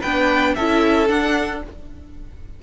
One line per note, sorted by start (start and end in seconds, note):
0.00 0.57 B3
0.00 0.58 D4
0.00 0.53 B4
0.00 0.54 G5
0.54 1.09 C#4
0.54 1.08 E4
0.54 1.62 A4
0.54 1.08 E5
1.08 1.61 D4
1.08 1.62 D4
1.08 1.61 F#5